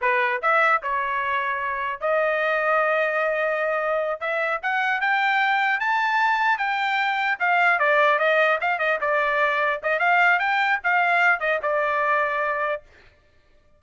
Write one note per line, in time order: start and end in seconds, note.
0.01 0.41 B4
0.42 0.82 E5
0.82 2.00 C#5
2.00 4.20 D#5
4.20 4.60 E5
4.62 5.00 F#5
5.00 5.80 G5
5.80 6.58 A5
6.58 7.38 G5
7.39 7.79 F5
7.79 8.19 D5
8.19 8.59 D#5
8.60 8.79 F5
8.79 8.99 D#5
9.00 9.80 D5
9.83 9.99 D#5
9.99 10.39 F5
10.39 10.79 G5
10.83 11.40 F5
11.40 11.60 D#5
11.62 12.82 D5